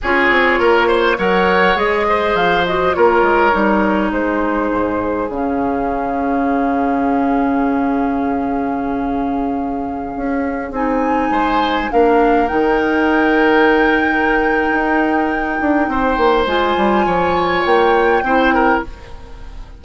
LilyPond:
<<
  \new Staff \with { instrumentName = "flute" } { \time 4/4 \tempo 4 = 102 cis''2 fis''4 dis''4 | f''8 dis''8 cis''2 c''4~ | c''4 f''2.~ | f''1~ |
f''2~ f''16 gis''4.~ gis''16~ | gis''16 f''4 g''2~ g''8.~ | g''1 | gis''2 g''2 | }
  \new Staff \with { instrumentName = "oboe" } { \time 4/4 gis'4 ais'8 c''8 cis''4. c''8~ | c''4 ais'2 gis'4~ | gis'1~ | gis'1~ |
gis'2.~ gis'16 c''8.~ | c''16 ais'2.~ ais'8.~ | ais'2. c''4~ | c''4 cis''2 c''8 ais'8 | }
  \new Staff \with { instrumentName = "clarinet" } { \time 4/4 f'2 ais'4 gis'4~ | gis'8 fis'8 f'4 dis'2~ | dis'4 cis'2.~ | cis'1~ |
cis'2~ cis'16 dis'4.~ dis'16~ | dis'16 d'4 dis'2~ dis'8.~ | dis'1 | f'2. e'4 | }
  \new Staff \with { instrumentName = "bassoon" } { \time 4/4 cis'8 c'8 ais4 fis4 gis4 | f4 ais8 gis8 g4 gis4 | gis,4 cis2.~ | cis1~ |
cis4~ cis16 cis'4 c'4 gis8.~ | gis16 ais4 dis2~ dis8.~ | dis4 dis'4. d'8 c'8 ais8 | gis8 g8 f4 ais4 c'4 | }
>>